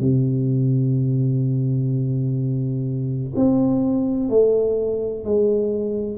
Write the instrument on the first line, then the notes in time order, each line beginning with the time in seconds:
tuba
0.00 C3
3.35 C4
4.29 A3
5.24 G#3